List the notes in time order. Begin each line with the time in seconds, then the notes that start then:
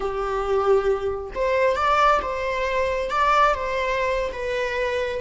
0.00 G4
1.35 C5
1.76 D5
2.22 C5
3.10 D5
3.54 C5
4.32 B4